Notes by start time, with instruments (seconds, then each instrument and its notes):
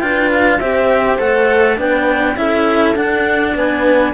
0.00 cello D4 F4, horn B4, clarinet G5
0.34 clarinet F5
0.59 cello C4 G4, horn C5, clarinet E5
1.19 cello A3 A4, clarinet F#5
1.77 cello B3 D4, horn B4, clarinet G5
2.37 cello C#4 E4, horn A4, clarinet E5
2.96 cello D4, clarinet F#5
3.55 cello B3, horn B4, clarinet G#5